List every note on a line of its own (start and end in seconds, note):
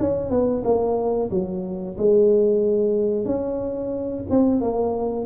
0.00 0.30 C#4
0.30 0.63 B3
0.64 1.30 A#3
1.31 1.97 F#3
1.98 3.25 G#3
3.25 4.24 C#4
4.30 4.61 C4
4.61 5.26 A#3